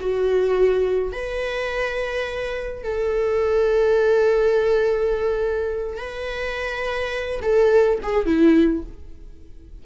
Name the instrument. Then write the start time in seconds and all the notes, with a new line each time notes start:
viola
0.00 F#4
1.12 B4
2.83 A4
5.97 B4
7.42 A4
8.03 G#4
8.26 E4